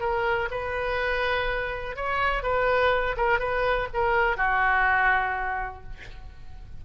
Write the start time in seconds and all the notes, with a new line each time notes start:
0.00 A#4
0.51 B4
1.96 C#5
2.43 B4
3.17 A#4
3.39 B4
3.94 A#4
4.37 F#4